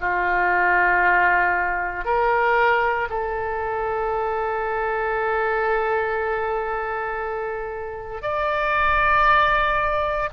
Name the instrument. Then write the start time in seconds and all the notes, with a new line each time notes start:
oboe
0.00 F4
2.05 A#4
3.09 A4
8.22 D5